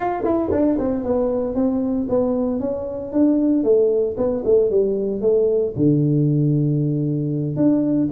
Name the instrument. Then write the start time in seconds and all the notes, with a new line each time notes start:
tuba
0.00 F4
0.23 E4
0.51 D4
0.78 C4
1.03 B3
1.54 C4
2.09 B3
2.60 C#4
3.12 D4
3.63 A3
4.17 B3
4.45 A3
4.70 G3
5.21 A3
5.76 D3
7.56 D4